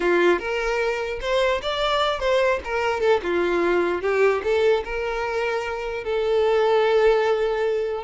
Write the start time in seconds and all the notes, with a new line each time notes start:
0.00 F4
0.39 A#4
1.21 C5
1.62 D5
2.19 C5
2.64 A#4
3.00 A4
3.23 F4
4.01 G4
4.43 A4
4.84 A#4
6.03 A4